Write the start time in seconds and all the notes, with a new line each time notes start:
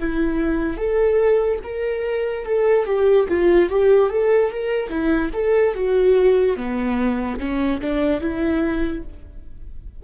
0.00 E4
0.78 A4
1.64 A#4
2.46 A4
2.86 G4
3.29 F4
3.70 G4
4.10 A4
4.51 A#4
4.90 E4
5.34 A4
5.75 F#4
6.57 B3
7.40 C#4
7.82 D4
8.21 E4